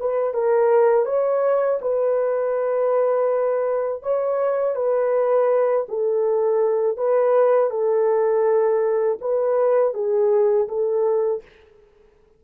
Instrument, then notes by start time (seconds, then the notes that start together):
horn
0.00 B4
0.34 A#4
1.06 C#5
1.81 B4
4.03 C#5
4.76 B4
5.89 A4
6.98 B4
7.71 A4
9.21 B4
9.94 G#4
10.69 A4